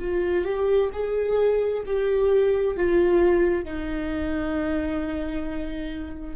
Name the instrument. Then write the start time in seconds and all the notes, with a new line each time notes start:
viola
0.00 F4
0.45 G4
0.93 G#4
1.86 G4
2.77 F4
3.65 D#4